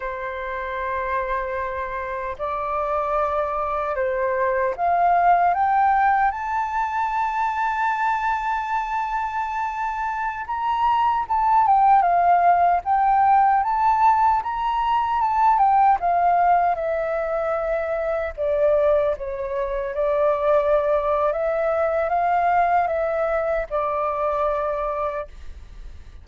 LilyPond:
\new Staff \with { instrumentName = "flute" } { \time 4/4 \tempo 4 = 76 c''2. d''4~ | d''4 c''4 f''4 g''4 | a''1~ | a''4~ a''16 ais''4 a''8 g''8 f''8.~ |
f''16 g''4 a''4 ais''4 a''8 g''16~ | g''16 f''4 e''2 d''8.~ | d''16 cis''4 d''4.~ d''16 e''4 | f''4 e''4 d''2 | }